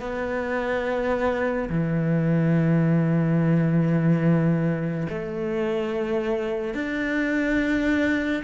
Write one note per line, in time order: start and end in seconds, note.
0.00 1.69 B3
1.69 5.07 E3
5.09 6.74 A3
6.74 8.43 D4